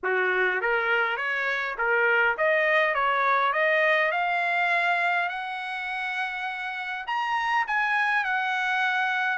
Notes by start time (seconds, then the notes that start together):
0.03 F#4
0.61 A#4
1.17 C#5
1.78 A#4
2.37 D#5
2.94 C#5
3.52 D#5
4.11 F5
5.29 F#5
7.06 A#5
7.67 G#5
8.24 F#5